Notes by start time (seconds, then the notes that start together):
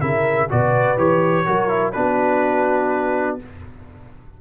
0.00 C#3 E4 A#4 E5
0.49 B2 F#4 B4 D5
0.97 E3 G4 C#5
1.45 F#3 F#4 A#4
1.68 E4
1.92 B3 D4 F#4 B4